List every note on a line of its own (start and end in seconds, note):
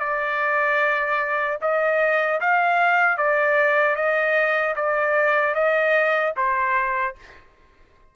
0.00 1.58 D5
1.61 2.40 D#5
2.41 3.18 F5
3.18 3.96 D5
3.96 4.75 D#5
4.76 5.55 D5
5.55 6.34 D#5
6.37 7.16 C5